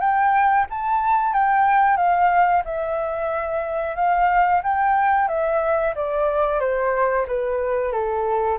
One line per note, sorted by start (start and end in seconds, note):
0.00 0.66 G5
0.70 1.33 A5
1.33 1.97 G5
1.97 2.63 F5
2.65 3.96 E5
3.96 4.62 F5
4.63 5.28 G5
5.28 5.94 E5
5.95 6.60 D5
6.60 7.26 C5
7.28 7.92 B4
7.92 8.58 A4